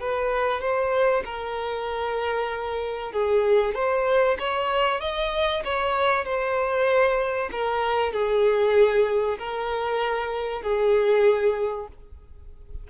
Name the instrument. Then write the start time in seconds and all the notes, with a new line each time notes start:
violin
0.00 B4
0.61 C5
1.25 A#4
3.12 G#4
3.75 C5
4.39 C#5
5.01 D#5
5.64 C#5
6.25 C5
7.52 A#4
8.12 G#4
9.38 A#4
10.62 G#4